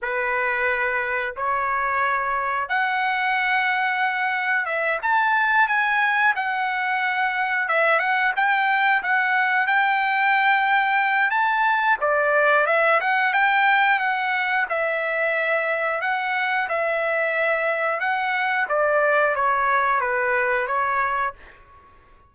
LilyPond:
\new Staff \with { instrumentName = "trumpet" } { \time 4/4 \tempo 4 = 90 b'2 cis''2 | fis''2. e''8 a''8~ | a''8 gis''4 fis''2 e''8 | fis''8 g''4 fis''4 g''4.~ |
g''4 a''4 d''4 e''8 fis''8 | g''4 fis''4 e''2 | fis''4 e''2 fis''4 | d''4 cis''4 b'4 cis''4 | }